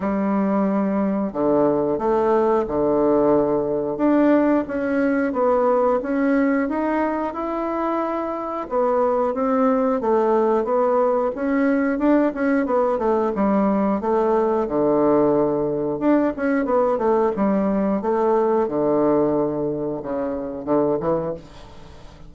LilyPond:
\new Staff \with { instrumentName = "bassoon" } { \time 4/4 \tempo 4 = 90 g2 d4 a4 | d2 d'4 cis'4 | b4 cis'4 dis'4 e'4~ | e'4 b4 c'4 a4 |
b4 cis'4 d'8 cis'8 b8 a8 | g4 a4 d2 | d'8 cis'8 b8 a8 g4 a4 | d2 cis4 d8 e8 | }